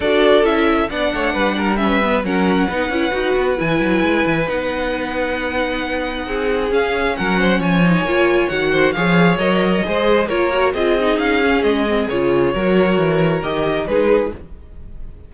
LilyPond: <<
  \new Staff \with { instrumentName = "violin" } { \time 4/4 \tempo 4 = 134 d''4 e''4 fis''2 | e''4 fis''2. | gis''2 fis''2~ | fis''2. f''4 |
fis''4 gis''2 fis''4 | f''4 dis''2 cis''4 | dis''4 f''4 dis''4 cis''4~ | cis''2 dis''4 b'4 | }
  \new Staff \with { instrumentName = "violin" } { \time 4/4 a'2 d''8 cis''8 b'8 ais'8 | b'4 ais'4 b'2~ | b'1~ | b'2 gis'2 |
ais'8 c''8 cis''2~ cis''8 c''8 | cis''2 c''4 ais'4 | gis'1 | ais'2. gis'4 | }
  \new Staff \with { instrumentName = "viola" } { \time 4/4 fis'4 e'4 d'2 | cis'8 b8 cis'4 dis'8 e'8 fis'4 | e'2 dis'2~ | dis'2. cis'4~ |
cis'4. dis'8 f'4 fis'4 | gis'4 ais'4 gis'4 f'8 fis'8 | f'8 dis'4 cis'4 c'8 f'4 | fis'2 g'4 dis'4 | }
  \new Staff \with { instrumentName = "cello" } { \time 4/4 d'4 cis'4 b8 a8 g4~ | g4 fis4 b8 cis'8 dis'8 b8 | e8 fis8 gis8 e8 b2~ | b2 c'4 cis'4 |
fis4 f4 ais4 dis4 | f4 fis4 gis4 ais4 | c'4 cis'4 gis4 cis4 | fis4 e4 dis4 gis4 | }
>>